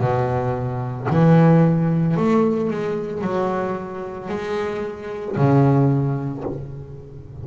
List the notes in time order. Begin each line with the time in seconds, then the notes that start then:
0.00 B2
1.10 E3
2.17 A3
2.70 G#3
3.21 F#3
4.29 G#3
5.36 C#3